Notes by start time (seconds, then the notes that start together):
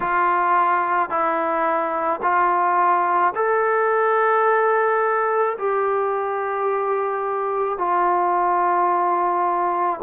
0.00 F4
1.09 E4
2.22 F4
3.35 A4
5.58 G4
7.78 F4